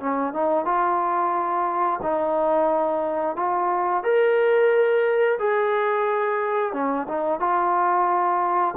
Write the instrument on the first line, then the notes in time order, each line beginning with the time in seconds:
trombone
0.00 C#4
0.34 D#4
0.65 F4
2.03 D#4
3.36 F4
4.03 A#4
5.39 G#4
6.73 C#4
7.08 D#4
7.40 F4